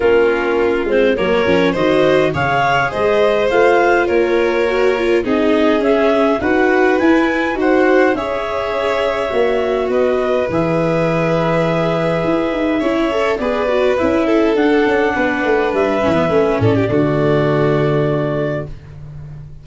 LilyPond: <<
  \new Staff \with { instrumentName = "clarinet" } { \time 4/4 \tempo 4 = 103 ais'4. c''8 cis''4 dis''4 | f''4 dis''4 f''4 cis''4~ | cis''4 dis''4 e''4 fis''4 | gis''4 fis''4 e''2~ |
e''4 dis''4 e''2~ | e''2. d''4 | e''4 fis''2 e''4~ | e''8 d''2.~ d''8 | }
  \new Staff \with { instrumentName = "violin" } { \time 4/4 f'2 ais'4 c''4 | cis''4 c''2 ais'4~ | ais'4 gis'2 b'4~ | b'4 c''4 cis''2~ |
cis''4 b'2.~ | b'2 cis''4 b'4~ | b'8 a'4. b'2~ | b'8 a'16 g'16 fis'2. | }
  \new Staff \with { instrumentName = "viola" } { \time 4/4 cis'4. c'8 ais8 cis'8 fis'4 | gis'2 f'2 | fis'8 f'8 dis'4 cis'4 fis'4 | e'4 fis'4 gis'2 |
fis'2 gis'2~ | gis'2 e'8 a'8 gis'8 fis'8 | e'4 d'2~ d'8 cis'16 b16 | cis'4 a2. | }
  \new Staff \with { instrumentName = "tuba" } { \time 4/4 ais4. gis8 fis8 f8 dis4 | cis4 gis4 a4 ais4~ | ais4 c'4 cis'4 dis'4 | e'4 dis'4 cis'2 |
ais4 b4 e2~ | e4 e'8 dis'8 cis'4 b4 | cis'4 d'8 cis'8 b8 a8 g8 e8 | a8 a,8 d2. | }
>>